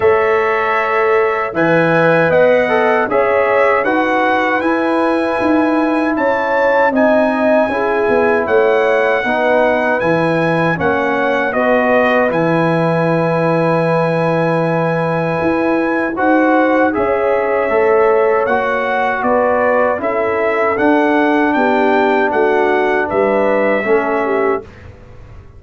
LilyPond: <<
  \new Staff \with { instrumentName = "trumpet" } { \time 4/4 \tempo 4 = 78 e''2 gis''4 fis''4 | e''4 fis''4 gis''2 | a''4 gis''2 fis''4~ | fis''4 gis''4 fis''4 dis''4 |
gis''1~ | gis''4 fis''4 e''2 | fis''4 d''4 e''4 fis''4 | g''4 fis''4 e''2 | }
  \new Staff \with { instrumentName = "horn" } { \time 4/4 cis''2 e''4 dis''4 | cis''4 b'2. | cis''4 dis''4 gis'4 cis''4 | b'2 cis''4 b'4~ |
b'1~ | b'4 c''4 cis''2~ | cis''4 b'4 a'2 | g'4 fis'4 b'4 a'8 g'8 | }
  \new Staff \with { instrumentName = "trombone" } { \time 4/4 a'2 b'4. a'8 | gis'4 fis'4 e'2~ | e'4 dis'4 e'2 | dis'4 e'4 cis'4 fis'4 |
e'1~ | e'4 fis'4 gis'4 a'4 | fis'2 e'4 d'4~ | d'2. cis'4 | }
  \new Staff \with { instrumentName = "tuba" } { \time 4/4 a2 e4 b4 | cis'4 dis'4 e'4 dis'4 | cis'4 c'4 cis'8 b8 a4 | b4 e4 ais4 b4 |
e1 | e'4 dis'4 cis'4 a4 | ais4 b4 cis'4 d'4 | b4 a4 g4 a4 | }
>>